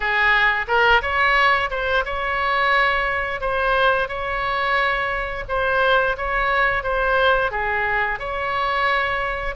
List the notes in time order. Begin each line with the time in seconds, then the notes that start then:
0.00 G#4
0.67 A#4
1.02 C#5
1.70 C5
2.05 C#5
3.40 C5
4.08 C#5
5.48 C5
6.17 C#5
6.83 C5
7.51 G#4
8.18 C#5